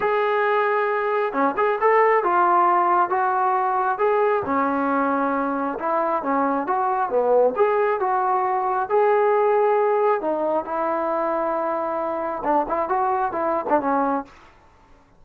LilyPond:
\new Staff \with { instrumentName = "trombone" } { \time 4/4 \tempo 4 = 135 gis'2. cis'8 gis'8 | a'4 f'2 fis'4~ | fis'4 gis'4 cis'2~ | cis'4 e'4 cis'4 fis'4 |
b4 gis'4 fis'2 | gis'2. dis'4 | e'1 | d'8 e'8 fis'4 e'8. d'16 cis'4 | }